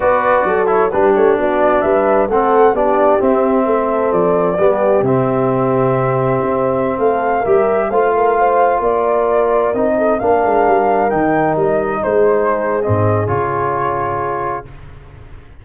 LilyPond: <<
  \new Staff \with { instrumentName = "flute" } { \time 4/4 \tempo 4 = 131 d''4. cis''8 b'8 cis''8 d''4 | e''4 fis''4 d''4 e''4~ | e''4 d''2 e''4~ | e''2.~ e''16 f''8.~ |
f''16 e''4 f''2 d''8.~ | d''4~ d''16 dis''4 f''4.~ f''16~ | f''16 g''4 dis''4 c''4.~ c''16 | dis''4 cis''2. | }
  \new Staff \with { instrumentName = "horn" } { \time 4/4 b'4 a'4 g'4 fis'4 | b'4 a'4 g'2 | a'2 g'2~ | g'2.~ g'16 a'8.~ |
a'16 ais'4 c''8 ais'8 c''4 ais'8.~ | ais'4.~ ais'16 a'8 ais'4.~ ais'16~ | ais'2~ ais'16 gis'4.~ gis'16~ | gis'1 | }
  \new Staff \with { instrumentName = "trombone" } { \time 4/4 fis'4. e'8 d'2~ | d'4 c'4 d'4 c'4~ | c'2 b4 c'4~ | c'1~ |
c'16 g'4 f'2~ f'8.~ | f'4~ f'16 dis'4 d'4.~ d'16~ | d'16 dis'2.~ dis'8. | c'4 f'2. | }
  \new Staff \with { instrumentName = "tuba" } { \time 4/4 b4 fis4 g8 a8 b4 | g4 a4 b4 c'4 | a4 f4 g4 c4~ | c2 c'4~ c'16 a8.~ |
a16 g4 a2 ais8.~ | ais4~ ais16 c'4 ais8 gis8 g8.~ | g16 dis4 g4 gis4.~ gis16 | gis,4 cis2. | }
>>